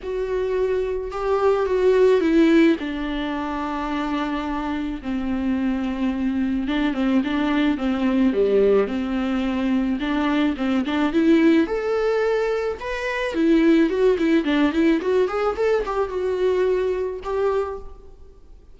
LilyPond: \new Staff \with { instrumentName = "viola" } { \time 4/4 \tempo 4 = 108 fis'2 g'4 fis'4 | e'4 d'2.~ | d'4 c'2. | d'8 c'8 d'4 c'4 g4 |
c'2 d'4 c'8 d'8 | e'4 a'2 b'4 | e'4 fis'8 e'8 d'8 e'8 fis'8 gis'8 | a'8 g'8 fis'2 g'4 | }